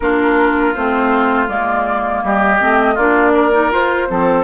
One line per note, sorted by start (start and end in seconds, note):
0.00 0.74 A#3
0.00 0.75 D4
0.00 2.24 F4
0.00 0.74 A#4
0.74 1.48 A3
0.74 1.47 C4
0.74 1.48 C5
1.47 2.22 G#3
1.47 2.58 A#3
1.47 2.22 D5
2.23 2.60 G3
2.23 2.94 G4
2.23 2.97 D#5
2.59 2.96 A3
2.59 2.96 C4
2.94 3.71 A#3
2.94 3.52 D4
2.94 3.31 F4
2.94 3.71 D5
3.34 4.08 A#4
3.52 3.70 D#4
3.70 4.07 F4
3.70 4.09 F4
3.70 4.44 C5
4.07 4.44 F3
4.07 4.44 C4
4.07 4.44 A4